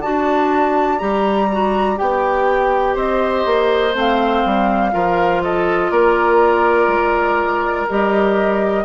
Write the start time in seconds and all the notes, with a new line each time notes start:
0.00 F#4 D5 A5
0.06 D4
0.99 G3 G4 A#5
1.52 F#4
1.96 B3 G4 G5
2.94 C4 C5 D#5
3.46 A#3
3.94 A3 C4 F5
4.45 G3
4.92 F3 F4 A#4
5.44 A4 D#5
5.91 A#3 A#4 D5
6.88 G#3
7.89 G3 G4 D#5